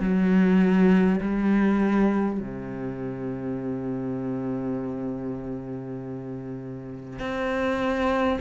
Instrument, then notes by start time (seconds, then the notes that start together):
cello
0.00 F#3
1.21 G3
2.41 C3
7.19 C4